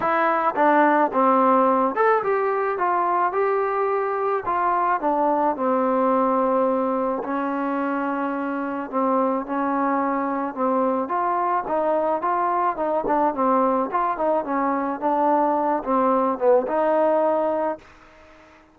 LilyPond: \new Staff \with { instrumentName = "trombone" } { \time 4/4 \tempo 4 = 108 e'4 d'4 c'4. a'8 | g'4 f'4 g'2 | f'4 d'4 c'2~ | c'4 cis'2. |
c'4 cis'2 c'4 | f'4 dis'4 f'4 dis'8 d'8 | c'4 f'8 dis'8 cis'4 d'4~ | d'8 c'4 b8 dis'2 | }